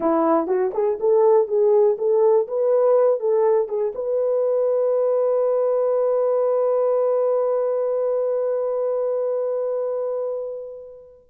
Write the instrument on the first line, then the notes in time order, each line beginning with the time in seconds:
horn
0.00 E4
0.47 F#4
0.74 G#4
1.00 A4
1.47 G#4
1.98 A4
2.47 B4
3.20 A4
3.68 G#4
3.94 B4